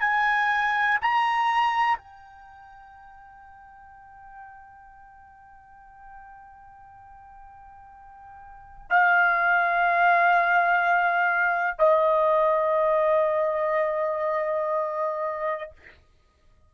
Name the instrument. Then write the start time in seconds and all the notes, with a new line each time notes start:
trumpet
0.00 G#5
1.01 A#5
1.97 G5
8.90 F5
11.78 D#5